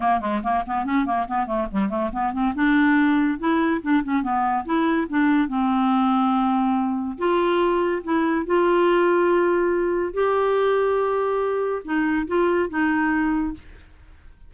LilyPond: \new Staff \with { instrumentName = "clarinet" } { \time 4/4 \tempo 4 = 142 ais8 gis8 ais8 b8 cis'8 ais8 b8 a8 | g8 a8 b8 c'8 d'2 | e'4 d'8 cis'8 b4 e'4 | d'4 c'2.~ |
c'4 f'2 e'4 | f'1 | g'1 | dis'4 f'4 dis'2 | }